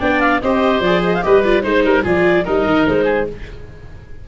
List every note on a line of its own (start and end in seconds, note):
0.00 0.42 B3
0.00 0.41 D4
0.00 0.41 D5
0.00 0.20 G5
0.20 0.40 F5
0.41 0.81 C4
0.41 0.85 G4
0.41 1.25 C5
0.41 0.81 D#5
0.81 1.22 F3
0.81 1.24 G#4
0.81 1.02 D5
1.05 1.15 D#5
1.15 1.23 F5
1.23 1.65 G3
1.23 1.44 G4
1.23 1.63 B4
1.23 1.44 D#5
1.44 1.63 F4
1.44 1.62 D5
1.62 1.85 G#3
1.62 2.03 D#4
1.62 2.03 C5
1.62 1.84 C5
1.85 2.05 G3
1.85 2.04 A#4
2.03 2.46 F3
2.03 2.44 F4
2.03 2.45 G#4
2.03 2.46 D5
2.45 2.66 G3
2.45 3.28 D#4
2.45 3.05 A#4
2.45 2.87 D#5
2.66 2.87 D#3
2.87 3.29 G#3
2.87 3.28 C5
3.05 3.25 G#4